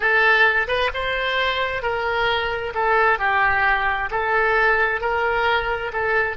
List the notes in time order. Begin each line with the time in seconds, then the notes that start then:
0.00 A4
0.67 B4
0.93 C5
1.82 A#4
2.74 A4
3.18 G4
4.10 A4
5.00 A#4
5.93 A4